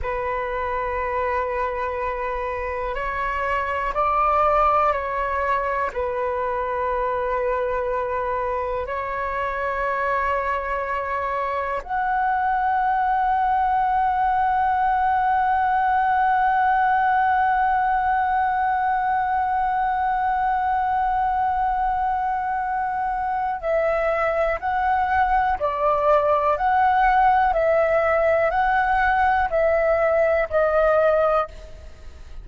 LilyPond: \new Staff \with { instrumentName = "flute" } { \time 4/4 \tempo 4 = 61 b'2. cis''4 | d''4 cis''4 b'2~ | b'4 cis''2. | fis''1~ |
fis''1~ | fis''1 | e''4 fis''4 d''4 fis''4 | e''4 fis''4 e''4 dis''4 | }